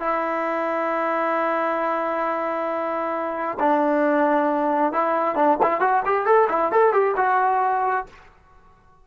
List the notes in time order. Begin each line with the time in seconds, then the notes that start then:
0.00 E4
3.59 D4
4.93 E4
5.35 D4
5.63 E4
5.80 F#4
6.05 G4
6.26 A4
6.49 E4
6.72 A4
6.93 G4
7.16 F#4